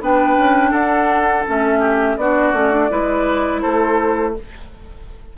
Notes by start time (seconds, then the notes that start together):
0.00 B3 D4 B4 G5
0.37 C#4
0.70 D4 A4 F#5
1.45 A3 C#4 E5
1.79 G4
2.16 B3 D4 F#4 D5
2.52 A3 C#4
2.70 D4
2.90 G#3 E4 B4
3.61 A3 A4 C5